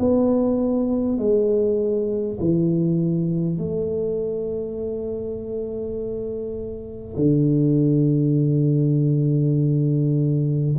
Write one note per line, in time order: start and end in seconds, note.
0.00 1.18 B3
1.18 2.38 G#3
2.41 3.58 E3
3.58 7.17 A3
7.17 10.77 D3